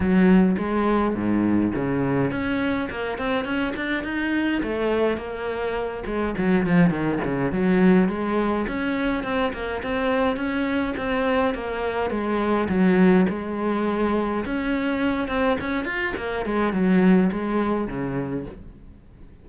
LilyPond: \new Staff \with { instrumentName = "cello" } { \time 4/4 \tempo 4 = 104 fis4 gis4 gis,4 cis4 | cis'4 ais8 c'8 cis'8 d'8 dis'4 | a4 ais4. gis8 fis8 f8 | dis8 cis8 fis4 gis4 cis'4 |
c'8 ais8 c'4 cis'4 c'4 | ais4 gis4 fis4 gis4~ | gis4 cis'4. c'8 cis'8 f'8 | ais8 gis8 fis4 gis4 cis4 | }